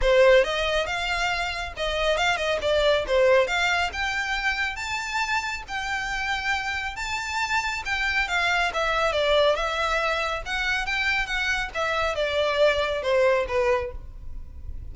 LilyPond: \new Staff \with { instrumentName = "violin" } { \time 4/4 \tempo 4 = 138 c''4 dis''4 f''2 | dis''4 f''8 dis''8 d''4 c''4 | f''4 g''2 a''4~ | a''4 g''2. |
a''2 g''4 f''4 | e''4 d''4 e''2 | fis''4 g''4 fis''4 e''4 | d''2 c''4 b'4 | }